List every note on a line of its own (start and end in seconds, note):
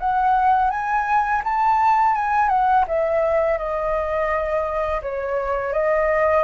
0.00 0.71 F#5
0.71 1.43 G#5
1.44 2.16 A5
2.16 2.49 G#5
2.49 2.85 F#5
2.88 3.59 E5
3.59 5.02 D#5
5.02 5.73 C#5
5.73 6.44 D#5